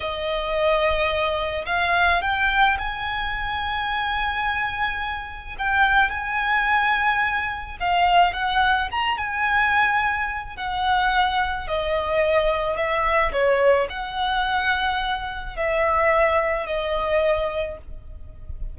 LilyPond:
\new Staff \with { instrumentName = "violin" } { \time 4/4 \tempo 4 = 108 dis''2. f''4 | g''4 gis''2.~ | gis''2 g''4 gis''4~ | gis''2 f''4 fis''4 |
ais''8 gis''2~ gis''8 fis''4~ | fis''4 dis''2 e''4 | cis''4 fis''2. | e''2 dis''2 | }